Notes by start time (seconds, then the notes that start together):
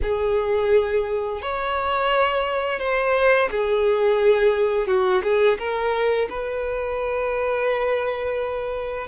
0.02 G#4
1.41 C#5
2.79 C5
3.50 G#4
4.87 F#4
5.23 G#4
5.58 A#4
6.29 B4